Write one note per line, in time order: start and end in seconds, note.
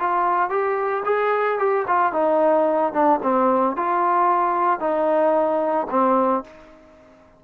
0.00 0.50 F4
0.50 1.04 G4
1.05 1.59 G#4
1.59 1.86 G4
1.88 2.13 F4
2.13 2.93 D#4
2.93 3.20 D4
3.23 3.76 C4
3.77 4.80 F4
4.80 5.88 D#4
5.91 6.44 C4